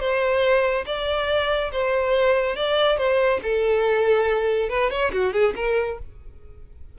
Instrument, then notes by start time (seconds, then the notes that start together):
violin
0.00 C5
0.86 D5
1.72 C5
2.56 D5
2.98 C5
3.43 A4
4.69 B4
4.91 C#5
5.13 F#4
5.33 G#4
5.56 A#4